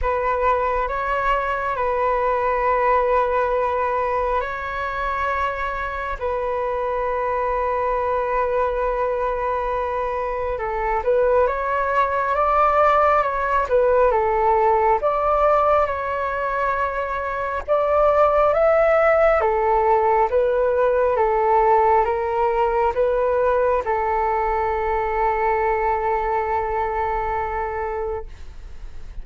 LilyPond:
\new Staff \with { instrumentName = "flute" } { \time 4/4 \tempo 4 = 68 b'4 cis''4 b'2~ | b'4 cis''2 b'4~ | b'1 | a'8 b'8 cis''4 d''4 cis''8 b'8 |
a'4 d''4 cis''2 | d''4 e''4 a'4 b'4 | a'4 ais'4 b'4 a'4~ | a'1 | }